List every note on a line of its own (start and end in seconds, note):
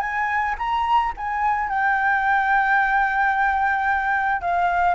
0.00 0.55 G#5
0.58 1.13 A#5
1.17 1.69 G#5
1.69 4.41 G5
4.41 4.94 F5